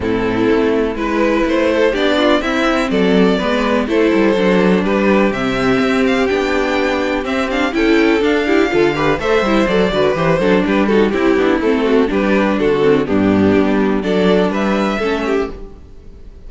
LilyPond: <<
  \new Staff \with { instrumentName = "violin" } { \time 4/4 \tempo 4 = 124 a'2 b'4 c''4 | d''4 e''4 d''2 | c''2 b'4 e''4~ | e''8 f''8 g''2 e''8 f''8 |
g''4 f''2 e''4 | d''4 c''4 b'8 a'8 g'4 | a'4 b'4 a'4 g'4~ | g'4 d''4 e''2 | }
  \new Staff \with { instrumentName = "violin" } { \time 4/4 e'2 b'4. a'8 | g'8 f'8 e'4 a'4 b'4 | a'2 g'2~ | g'1 |
a'4. g'8 a'8 b'8 c''4~ | c''8 b'4 a'8 g'8 fis'8 e'4~ | e'8 fis'8 g'4 fis'4 d'4~ | d'4 a'4 b'4 a'8 g'8 | }
  \new Staff \with { instrumentName = "viola" } { \time 4/4 c'2 e'2 | d'4 c'2 b4 | e'4 d'2 c'4~ | c'4 d'2 c'8 d'8 |
e'4 d'8 e'8 f'8 g'8 a'8 e'8 | a'8 fis'8 g'8 d'4 dis'8 e'8 d'8 | c'4 d'4. c'8 b4~ | b4 d'2 cis'4 | }
  \new Staff \with { instrumentName = "cello" } { \time 4/4 a,4 a4 gis4 a4 | b4 c'4 fis4 gis4 | a8 g8 fis4 g4 c4 | c'4 b2 c'4 |
cis'4 d'4 d4 a8 g8 | fis8 d8 e8 fis8 g4 c'8 b8 | a4 g4 d4 g,4 | g4 fis4 g4 a4 | }
>>